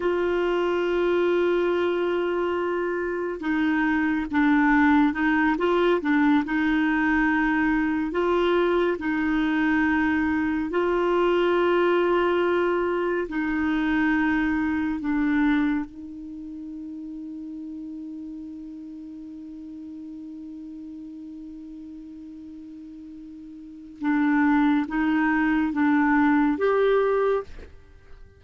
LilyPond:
\new Staff \with { instrumentName = "clarinet" } { \time 4/4 \tempo 4 = 70 f'1 | dis'4 d'4 dis'8 f'8 d'8 dis'8~ | dis'4. f'4 dis'4.~ | dis'8 f'2. dis'8~ |
dis'4. d'4 dis'4.~ | dis'1~ | dis'1 | d'4 dis'4 d'4 g'4 | }